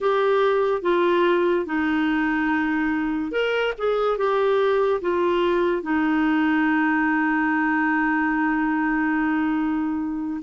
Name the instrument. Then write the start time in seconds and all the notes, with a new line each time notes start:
clarinet
0.00 G4
0.82 F4
1.65 D#4
3.31 A#4
3.77 G#4
4.17 G4
5.01 F4
5.82 D#4